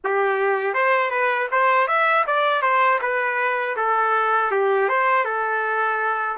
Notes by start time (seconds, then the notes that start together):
0.03 G4
0.74 C5
1.10 B4
1.51 C5
1.87 E5
2.26 D5
2.61 C5
3.01 B4
3.76 A4
4.51 G4
4.89 C5
5.24 A4